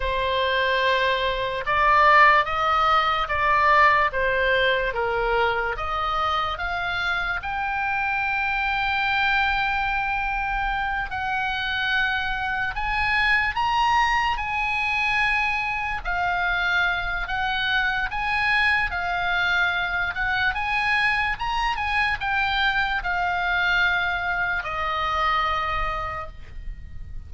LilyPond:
\new Staff \with { instrumentName = "oboe" } { \time 4/4 \tempo 4 = 73 c''2 d''4 dis''4 | d''4 c''4 ais'4 dis''4 | f''4 g''2.~ | g''4. fis''2 gis''8~ |
gis''8 ais''4 gis''2 f''8~ | f''4 fis''4 gis''4 f''4~ | f''8 fis''8 gis''4 ais''8 gis''8 g''4 | f''2 dis''2 | }